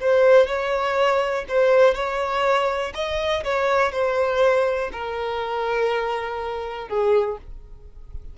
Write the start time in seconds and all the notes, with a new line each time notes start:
0.00 C5
0.46 C#5
1.48 C5
1.94 C#5
2.94 D#5
3.44 C#5
3.92 C5
4.92 A#4
6.88 G#4